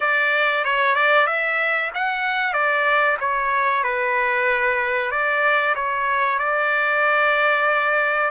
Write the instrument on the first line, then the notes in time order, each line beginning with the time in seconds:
trumpet
0.00 D5
0.64 C#5
0.95 D5
1.26 E5
1.94 F#5
2.53 D5
3.20 C#5
3.83 B4
5.11 D5
5.75 C#5
6.38 D5